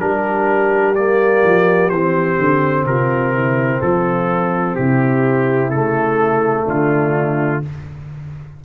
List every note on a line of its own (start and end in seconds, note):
0.00 1.43 G3
0.00 0.95 D4
0.00 2.88 G4
0.00 0.95 A#4
0.96 1.93 A#3
0.96 1.89 D5
1.44 1.91 F3
1.89 2.38 E3
1.89 5.73 C4
1.89 2.85 C5
2.39 2.85 D3
2.85 3.80 C3
2.85 3.34 F4
2.85 3.81 A#4
3.34 3.81 E4
3.81 4.78 F3
3.81 4.77 F4
3.81 4.75 A4
4.75 5.71 C3
4.75 6.65 E4
4.75 5.70 G4
5.70 6.66 C#3
5.70 7.63 A3
5.70 6.65 A4
6.65 7.63 D3
6.65 7.60 D4
6.65 7.65 F4